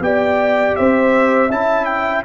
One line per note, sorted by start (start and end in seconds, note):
0.00 0.74 B3
0.00 1.50 G4
0.00 0.78 D5
0.00 0.76 G5
0.76 1.50 C4
0.76 1.48 C5
0.76 1.50 E5
1.48 2.24 C#4
1.48 2.24 E4
1.48 2.22 E5
1.48 1.85 A5
1.85 2.22 G5